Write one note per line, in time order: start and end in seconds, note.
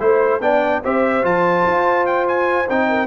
0.00 0.41 A3
0.00 0.41 E4
0.00 0.41 C5
0.00 0.42 C5
0.41 0.82 B3
0.41 0.84 D4
0.41 0.84 D5
0.41 0.83 G5
0.84 1.24 C4
0.84 1.23 G4
0.84 2.89 C5
0.84 1.26 E5
1.23 1.65 F3
1.23 2.67 F4
1.23 2.06 A5
1.66 2.69 F4
2.06 2.27 G5
2.28 2.69 G#5
2.70 3.07 C4
2.70 3.07 D#4
2.70 3.07 G5
2.89 3.07 A#4